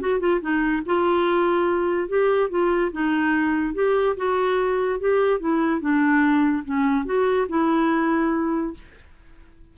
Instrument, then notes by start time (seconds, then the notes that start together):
clarinet
0.00 F#4
0.20 F4
0.41 D#4
0.86 F4
2.08 G4
2.49 F4
2.92 D#4
3.74 G4
4.16 F#4
5.00 G4
5.39 E4
5.80 D4
6.64 C#4
7.05 F#4
7.48 E4